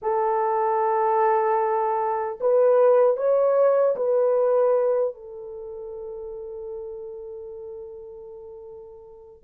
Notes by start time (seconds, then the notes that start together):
0.02 A4
2.40 B4
3.16 C#5
3.95 B4
5.14 A4